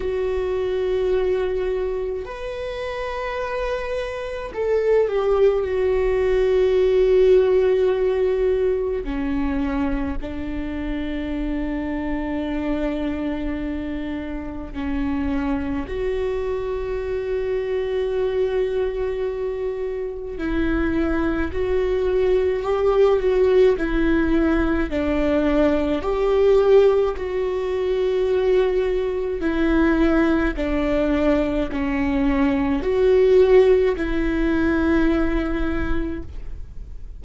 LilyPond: \new Staff \with { instrumentName = "viola" } { \time 4/4 \tempo 4 = 53 fis'2 b'2 | a'8 g'8 fis'2. | cis'4 d'2.~ | d'4 cis'4 fis'2~ |
fis'2 e'4 fis'4 | g'8 fis'8 e'4 d'4 g'4 | fis'2 e'4 d'4 | cis'4 fis'4 e'2 | }